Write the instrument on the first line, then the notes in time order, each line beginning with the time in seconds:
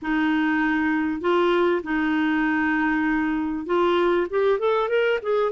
clarinet
0.02 D#4
1.21 F4
1.83 D#4
3.66 F4
4.30 G4
4.59 A4
4.88 A#4
5.22 G#4